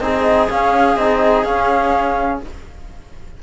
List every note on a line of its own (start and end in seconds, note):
0.00 0.48 C4
0.00 0.49 D#4
0.00 2.42 G#4
0.00 0.48 D#5
0.49 0.97 C#4
0.49 0.96 C#4
0.49 0.96 F5
0.96 1.44 C4
0.96 1.46 D#4
0.96 1.44 D#5
1.44 2.40 C#4
1.44 2.42 C#4
1.44 2.40 F5